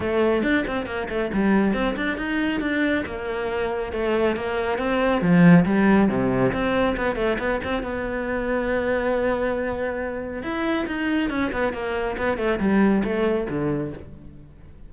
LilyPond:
\new Staff \with { instrumentName = "cello" } { \time 4/4 \tempo 4 = 138 a4 d'8 c'8 ais8 a8 g4 | c'8 d'8 dis'4 d'4 ais4~ | ais4 a4 ais4 c'4 | f4 g4 c4 c'4 |
b8 a8 b8 c'8 b2~ | b1 | e'4 dis'4 cis'8 b8 ais4 | b8 a8 g4 a4 d4 | }